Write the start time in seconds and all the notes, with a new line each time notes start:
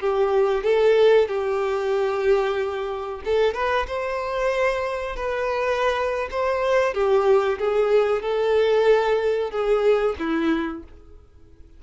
0.00 G4
0.64 A4
1.28 G4
3.25 A4
3.54 B4
3.87 C5
5.16 B4
6.31 C5
6.94 G4
7.59 G#4
8.22 A4
9.51 G#4
10.19 E4